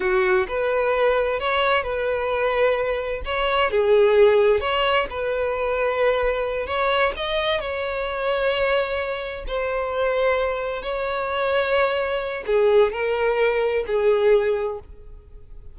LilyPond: \new Staff \with { instrumentName = "violin" } { \time 4/4 \tempo 4 = 130 fis'4 b'2 cis''4 | b'2. cis''4 | gis'2 cis''4 b'4~ | b'2~ b'8 cis''4 dis''8~ |
dis''8 cis''2.~ cis''8~ | cis''8 c''2. cis''8~ | cis''2. gis'4 | ais'2 gis'2 | }